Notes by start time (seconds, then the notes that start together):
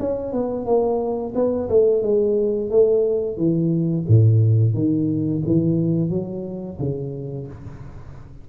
0.00 C#4
0.33 B3
0.66 A#3
1.35 B3
1.70 A3
2.03 G#3
2.71 A3
3.37 E3
4.08 A2
4.74 D#3
5.46 E3
6.10 F#3
6.79 C#3